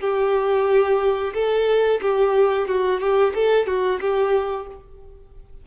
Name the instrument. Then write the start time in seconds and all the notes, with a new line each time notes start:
violin
0.00 G4
1.34 A4
2.02 G4
2.68 F#4
3.00 G4
3.35 A4
3.66 F#4
4.00 G4